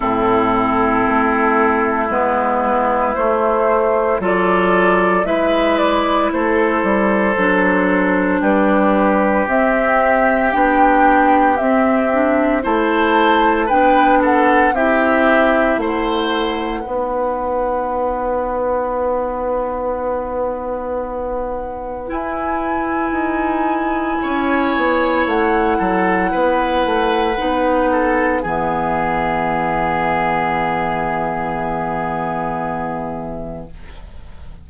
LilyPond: <<
  \new Staff \with { instrumentName = "flute" } { \time 4/4 \tempo 4 = 57 a'2 b'4 c''4 | d''4 e''8 d''8 c''2 | b'4 e''4 g''4 e''4 | a''4 g''8 fis''8 e''4 fis''4~ |
fis''1~ | fis''4 gis''2. | fis''2. e''4~ | e''1 | }
  \new Staff \with { instrumentName = "oboe" } { \time 4/4 e'1 | a'4 b'4 a'2 | g'1 | c''4 b'8 a'8 g'4 c''4 |
b'1~ | b'2. cis''4~ | cis''8 a'8 b'4. a'8 gis'4~ | gis'1 | }
  \new Staff \with { instrumentName = "clarinet" } { \time 4/4 c'2 b4 a4 | f'4 e'2 d'4~ | d'4 c'4 d'4 c'8 d'8 | e'4 d'4 e'2 |
dis'1~ | dis'4 e'2.~ | e'2 dis'4 b4~ | b1 | }
  \new Staff \with { instrumentName = "bassoon" } { \time 4/4 a,4 a4 gis4 a4 | fis4 gis4 a8 g8 fis4 | g4 c'4 b4 c'4 | a4 b4 c'4 a4 |
b1~ | b4 e'4 dis'4 cis'8 b8 | a8 fis8 b8 a8 b4 e4~ | e1 | }
>>